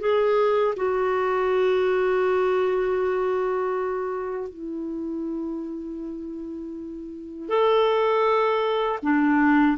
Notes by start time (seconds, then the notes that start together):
0.00 G#4
0.76 F#4
4.50 E4
7.49 A4
9.03 D4